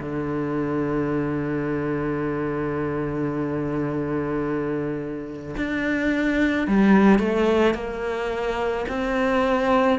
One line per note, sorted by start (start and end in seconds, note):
0.00 5.56 D3
5.58 6.68 D4
6.68 7.19 G3
7.19 7.75 A3
7.75 8.86 A#3
8.89 9.99 C4